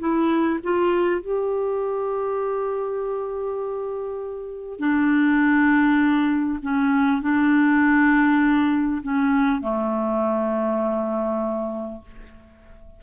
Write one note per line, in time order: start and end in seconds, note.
0.00 0.60 E4
0.64 1.22 F4
1.22 4.80 G4
4.80 6.60 D4
6.62 7.22 C#4
7.22 9.02 D4
9.03 9.62 C#4
9.62 12.02 A3